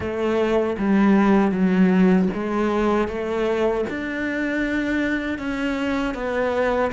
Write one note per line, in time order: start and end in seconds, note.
0.00 0.76 A3
0.78 1.51 G3
1.51 2.28 F#3
2.33 3.08 G#3
3.08 3.85 A3
3.89 5.38 D4
5.38 6.14 C#4
6.14 6.91 B3